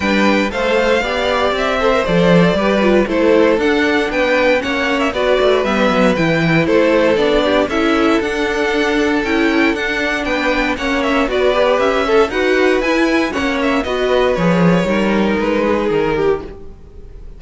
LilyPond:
<<
  \new Staff \with { instrumentName = "violin" } { \time 4/4 \tempo 4 = 117 g''4 f''2 e''4 | d''2 c''4 fis''4 | g''4 fis''8. e''16 d''4 e''4 | g''4 c''4 d''4 e''4 |
fis''2 g''4 fis''4 | g''4 fis''8 e''8 d''4 e''4 | fis''4 gis''4 fis''8 e''8 dis''4 | cis''2 b'4 ais'4 | }
  \new Staff \with { instrumentName = "violin" } { \time 4/4 b'4 c''4 d''4. c''8~ | c''4 b'4 a'2 | b'4 cis''4 b'2~ | b'4 a'4. g'8 a'4~ |
a'1 | b'4 cis''4 b'4. a'8 | b'2 cis''4 b'4~ | b'4 ais'4. gis'4 g'8 | }
  \new Staff \with { instrumentName = "viola" } { \time 4/4 d'4 a'4 g'4. a'16 ais'16 | a'4 g'8 f'8 e'4 d'4~ | d'4 cis'4 fis'4 b4 | e'2 d'4 e'4 |
d'2 e'4 d'4~ | d'4 cis'4 fis'8 g'4 a'8 | fis'4 e'4 cis'4 fis'4 | gis'4 dis'2. | }
  \new Staff \with { instrumentName = "cello" } { \time 4/4 g4 a4 b4 c'4 | f4 g4 a4 d'4 | b4 ais4 b8 a8 g8 fis8 | e4 a4 b4 cis'4 |
d'2 cis'4 d'4 | b4 ais4 b4 cis'4 | dis'4 e'4 ais4 b4 | f4 g4 gis4 dis4 | }
>>